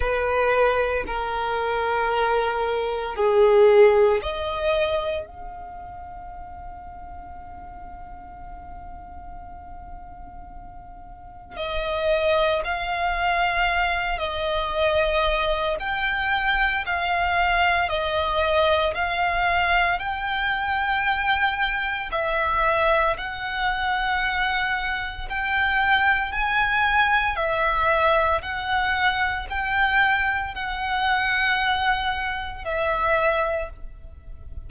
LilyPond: \new Staff \with { instrumentName = "violin" } { \time 4/4 \tempo 4 = 57 b'4 ais'2 gis'4 | dis''4 f''2.~ | f''2. dis''4 | f''4. dis''4. g''4 |
f''4 dis''4 f''4 g''4~ | g''4 e''4 fis''2 | g''4 gis''4 e''4 fis''4 | g''4 fis''2 e''4 | }